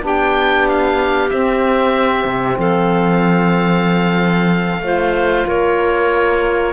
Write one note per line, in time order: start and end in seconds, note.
0.00 1.29 B3
0.00 1.28 D4
0.00 2.57 G4
0.06 0.68 G5
0.68 1.29 F5
1.29 4.80 C4
1.29 2.24 C4
1.29 2.57 E5
2.24 2.56 C3
2.57 4.80 F3
2.57 4.81 A4
2.57 5.47 F5
4.80 5.43 A3
4.80 6.72 F4
4.80 5.46 C5
5.46 6.72 A#3
5.46 6.72 A#4
5.46 6.72 C#5